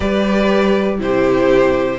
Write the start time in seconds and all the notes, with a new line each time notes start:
0.00 G3 G4 B4 D5
0.98 C3 E4 G4 C5